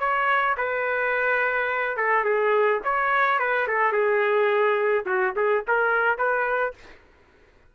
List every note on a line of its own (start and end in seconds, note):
0.00 0.56 C#5
0.58 1.97 B4
1.97 2.25 A4
2.25 2.81 G#4
2.84 3.40 C#5
3.40 3.68 B4
3.68 3.93 A4
3.93 5.05 G#4
5.06 5.34 F#4
5.37 5.65 G#4
5.68 6.18 A#4
6.18 6.74 B4